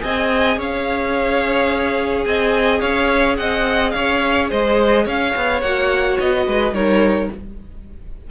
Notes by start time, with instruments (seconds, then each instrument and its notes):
0.00 cello C4, viola G#4, violin D#5 G#5
0.57 cello C#4, violin C#5 F5
2.24 cello C4, violin D#5 G#5
2.80 cello C#4, violin C#5 F5
3.37 cello C4, violin D#5 F#5
3.90 cello C#4, violin C#5 F5
4.50 cello G#3, violin C5 D#5
5.04 cello C#4, violin C#5 F5
5.35 cello B3
5.61 cello A#3, viola F#4, violin F#5
6.19 cello B3, violin D#5
6.46 cello G#3, violin B4
6.72 cello G3, viola D#4, violin A#4 C#5